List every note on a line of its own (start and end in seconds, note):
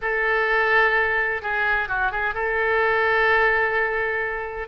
0.01 1.41 A4
1.41 1.88 G#4
1.88 2.11 F#4
2.11 2.34 G#4
2.34 4.68 A4